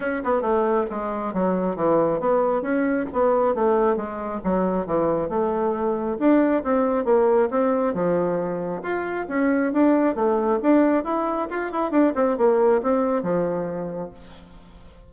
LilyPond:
\new Staff \with { instrumentName = "bassoon" } { \time 4/4 \tempo 4 = 136 cis'8 b8 a4 gis4 fis4 | e4 b4 cis'4 b4 | a4 gis4 fis4 e4 | a2 d'4 c'4 |
ais4 c'4 f2 | f'4 cis'4 d'4 a4 | d'4 e'4 f'8 e'8 d'8 c'8 | ais4 c'4 f2 | }